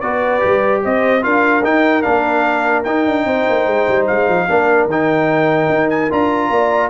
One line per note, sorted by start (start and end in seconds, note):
0.00 0.42 B3
0.00 0.40 F#4
0.00 0.82 B4
0.00 0.81 D5
0.40 0.85 G3
0.40 1.21 G4
0.83 1.25 C4
0.83 1.24 C5
0.83 1.23 D#5
1.21 1.63 D4
1.21 1.62 F4
1.21 3.25 A#4
1.21 1.64 F5
1.63 2.03 D#4
1.63 2.04 D#4
1.63 2.02 G5
2.02 2.85 A#3
2.02 2.84 D4
2.02 2.83 F5
2.84 3.06 D#4
2.84 4.49 D#4
2.84 4.05 G5
3.06 3.25 D4
3.25 3.45 C4
3.25 4.47 C5
3.49 3.66 A#3
3.66 3.86 G#3
3.88 4.08 G3
4.06 4.28 G#3
4.06 4.87 F5
4.28 4.48 F3
4.48 4.86 A#3
4.48 4.89 D4
4.48 6.51 A#4
4.86 5.67 D#3
4.86 6.10 D#4
4.86 5.90 G5
5.69 6.09 D#4
5.90 6.10 G#5
6.10 6.50 D4
6.10 6.90 F4
6.10 6.90 A#5
6.50 6.90 A#3
6.50 6.90 D5